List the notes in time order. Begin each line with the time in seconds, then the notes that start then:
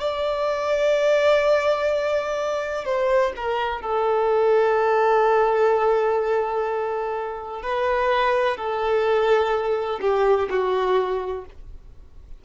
0.00 D5
2.85 C5
3.36 A#4
3.82 A4
7.63 B4
8.57 A4
10.01 G4
10.50 F#4